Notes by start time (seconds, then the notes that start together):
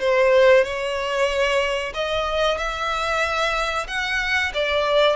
0.00 C5
0.64 C#5
1.94 D#5
2.58 E5
3.88 F#5
4.54 D5